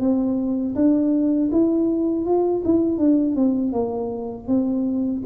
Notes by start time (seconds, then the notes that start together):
0.00 C4
0.76 D4
1.52 E4
2.26 F4
2.65 E4
2.98 D4
3.36 C4
3.73 A#3
4.48 C4